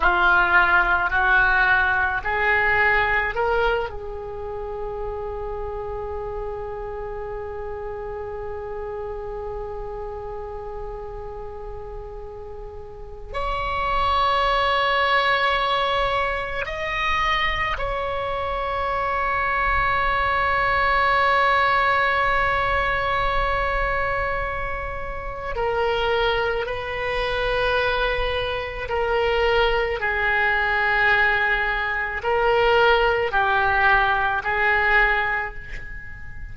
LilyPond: \new Staff \with { instrumentName = "oboe" } { \time 4/4 \tempo 4 = 54 f'4 fis'4 gis'4 ais'8 gis'8~ | gis'1~ | gis'1 | cis''2. dis''4 |
cis''1~ | cis''2. ais'4 | b'2 ais'4 gis'4~ | gis'4 ais'4 g'4 gis'4 | }